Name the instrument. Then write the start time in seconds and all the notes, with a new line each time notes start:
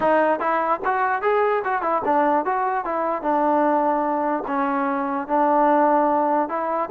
trombone
0.00 D#4
0.39 E4
0.84 F#4
1.22 G#4
1.64 F#4
1.82 E4
2.04 D4
2.45 F#4
2.84 E4
3.22 D4
4.47 C#4
5.27 D4
6.48 E4